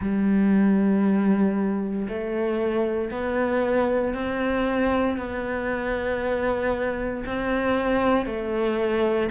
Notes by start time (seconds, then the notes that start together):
0.00 G3
2.08 A3
3.10 B3
4.14 C4
5.17 B3
7.26 C4
8.26 A3